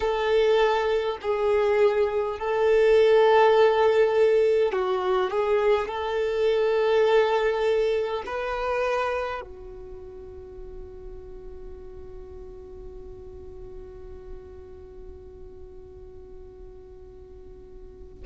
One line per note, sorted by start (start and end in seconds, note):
0.00 1.17 A4
1.21 2.39 G#4
2.39 4.72 A4
4.72 5.30 F#4
5.30 5.88 G#4
5.88 8.23 A4
8.26 9.41 B4
9.41 18.24 F#4